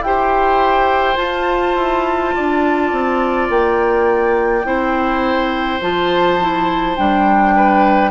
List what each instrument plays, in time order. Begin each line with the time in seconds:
0.00 bassoon E4, clarinet G4, flute G5
0.06 oboe C5
1.16 clarinet F4, bassoon F4, flute A5
1.75 bassoon E4
2.35 bassoon D4, oboe D5
2.92 bassoon C4
3.49 bassoon A#3, flute G5
4.64 bassoon C4, clarinet E4, oboe C5
5.81 bassoon F3, clarinet F4, flute A5
6.40 clarinet E4
6.96 bassoon G3, clarinet D4, flute G5
7.56 oboe B4